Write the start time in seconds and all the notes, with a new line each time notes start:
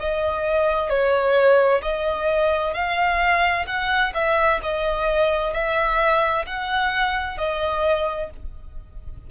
0.00 D#5
0.89 C#5
1.83 D#5
2.74 F5
3.67 F#5
4.15 E5
4.63 D#5
5.53 E5
6.47 F#5
7.38 D#5